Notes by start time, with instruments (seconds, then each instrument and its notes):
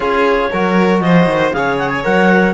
0.00 cello C#4, trombone F4, violin G#4, clarinet C#5
0.51 cello F#3, trombone F#4, violin A#4
1.01 cello F3, violin C5, clarinet D#5
1.26 cello D#3
1.52 cello C#3, trombone G#4, violin C#5, clarinet F5
1.78 clarinet F#5
1.89 clarinet G#5
2.03 cello F#3, trombone A#4, clarinet F#5